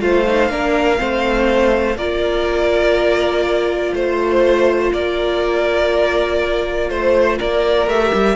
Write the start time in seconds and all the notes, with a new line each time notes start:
0.00 A3 F4 C5 F5
0.27 D#4
0.50 A#3 D4 A#4
0.98 A3 C4 C5
1.97 A#3 F4 A#4 D5
3.94 A3 C5
4.94 A#3 A#4 D5
6.90 A3 C5
7.39 A#3 A#4 D5
7.87 A3 G4 E5
8.14 G3